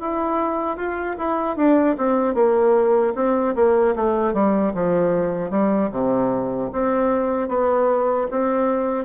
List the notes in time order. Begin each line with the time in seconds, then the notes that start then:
0.00 E4
0.76 F4
1.18 E4
1.56 D4
1.97 C4
2.34 A#3
3.15 C4
3.55 A#3
3.96 A3
4.33 G3
4.74 F3
5.50 G3
5.91 C3
6.72 C4
7.48 B3
8.31 C4